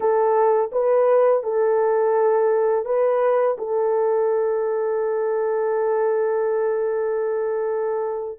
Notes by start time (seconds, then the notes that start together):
0.00 A4
0.71 B4
1.43 A4
2.85 B4
3.57 A4